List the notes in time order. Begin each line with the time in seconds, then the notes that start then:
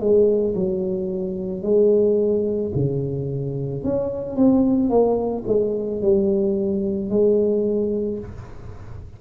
0.00 G#3
0.55 F#3
1.62 G#3
2.75 C#3
3.83 C#4
4.36 C4
4.89 A#3
5.47 G#3
6.01 G3
7.10 G#3